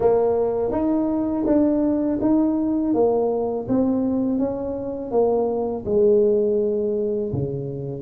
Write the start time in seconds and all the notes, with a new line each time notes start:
0.00 A#3
0.72 D#4
1.45 D4
2.21 D#4
2.93 A#3
3.68 C4
4.39 C#4
5.11 A#3
5.85 G#3
7.32 C#3